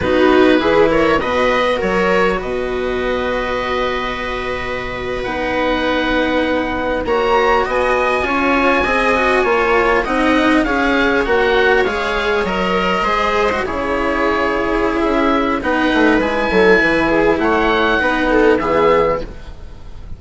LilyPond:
<<
  \new Staff \with { instrumentName = "oboe" } { \time 4/4 \tempo 4 = 100 b'4. cis''8 dis''4 cis''4 | dis''1~ | dis''8. fis''2. ais''16~ | ais''8. gis''2.~ gis''16~ |
gis''8. fis''4 f''4 fis''4 f''16~ | f''8. dis''2 cis''4~ cis''16~ | cis''4 e''4 fis''4 gis''4~ | gis''4 fis''2 e''4 | }
  \new Staff \with { instrumentName = "viola" } { \time 4/4 fis'4 gis'8 ais'8 b'4 ais'4 | b'1~ | b'2.~ b'8. cis''16~ | cis''8. dis''4 cis''4 dis''4 cis''16~ |
cis''8. dis''4 cis''2~ cis''16~ | cis''4.~ cis''16 c''4 gis'4~ gis'16~ | gis'2 b'4. a'8 | b'8 gis'8 cis''4 b'8 a'8 gis'4 | }
  \new Staff \with { instrumentName = "cello" } { \time 4/4 dis'4 e'4 fis'2~ | fis'1~ | fis'8. dis'2. fis'16~ | fis'4.~ fis'16 f'4 gis'8 fis'8 f'16~ |
f'8. dis'4 gis'4 fis'4 gis'16~ | gis'8. ais'4 gis'8. fis'16 e'4~ e'16~ | e'2 dis'4 e'4~ | e'2 dis'4 b4 | }
  \new Staff \with { instrumentName = "bassoon" } { \time 4/4 b4 e4 b,4 fis4 | b,1~ | b,8. b2. ais16~ | ais8. b4 cis'4 c'4 ais16~ |
ais8. c'4 cis'4 ais4 gis16~ | gis8. fis4 gis4 cis4~ cis16~ | cis4 cis'4 b8 a8 gis8 fis8 | e4 a4 b4 e4 | }
>>